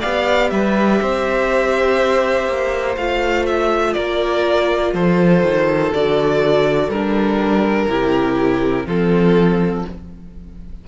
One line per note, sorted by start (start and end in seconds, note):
0.00 0.51 B3
0.00 2.98 G4
0.00 0.49 D5
0.00 0.50 F5
0.50 1.01 G3
0.50 1.02 B4
0.50 2.96 E5
1.02 2.48 C4
1.02 3.95 C5
2.48 2.97 A#3
2.97 3.95 A3
2.97 5.93 F4
2.97 3.46 F5
3.46 3.93 E5
3.93 4.94 A#3
3.93 4.93 A#4
3.93 4.92 D5
4.93 5.43 F3
4.93 7.88 A4
4.93 5.93 C5
5.43 5.92 D#3
5.94 6.89 D3
5.94 6.93 F#4
5.94 6.90 D5
6.89 7.87 G3
6.89 7.89 D4
6.89 8.87 A#4
7.88 8.86 C3
7.88 8.87 E4
7.88 8.86 G4
8.86 9.84 F3
8.86 9.88 C4
8.86 9.84 F4
8.86 9.86 A4